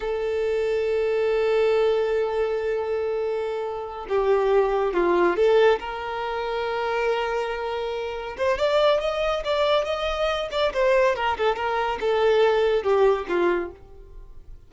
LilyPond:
\new Staff \with { instrumentName = "violin" } { \time 4/4 \tempo 4 = 140 a'1~ | a'1~ | a'4. g'2 f'8~ | f'8 a'4 ais'2~ ais'8~ |
ais'2.~ ais'8 c''8 | d''4 dis''4 d''4 dis''4~ | dis''8 d''8 c''4 ais'8 a'8 ais'4 | a'2 g'4 f'4 | }